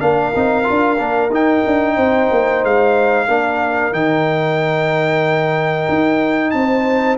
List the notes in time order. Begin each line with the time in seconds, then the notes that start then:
0.00 A#3 D4 A#4 F5
0.35 C4 D#4
0.64 F4
0.70 D4
0.97 A#3 D4
1.30 D#4 G5
1.66 D4
1.95 C4 C5
2.31 A#3
2.64 G#3 F5
3.27 A#3 D4 A#4
3.92 D#3 D#4 G5
5.89 D#4
6.51 C4 A5
6.57 C5